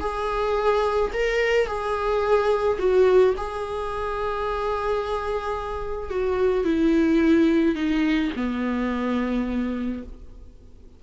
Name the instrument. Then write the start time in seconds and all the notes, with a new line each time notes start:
viola
0.00 G#4
1.13 A#4
1.67 G#4
2.79 F#4
3.37 G#4
6.10 F#4
6.65 E4
7.75 D#4
8.36 B3